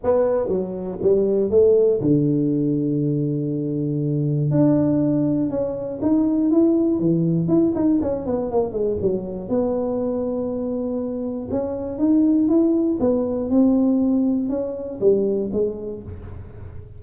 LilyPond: \new Staff \with { instrumentName = "tuba" } { \time 4/4 \tempo 4 = 120 b4 fis4 g4 a4 | d1~ | d4 d'2 cis'4 | dis'4 e'4 e4 e'8 dis'8 |
cis'8 b8 ais8 gis8 fis4 b4~ | b2. cis'4 | dis'4 e'4 b4 c'4~ | c'4 cis'4 g4 gis4 | }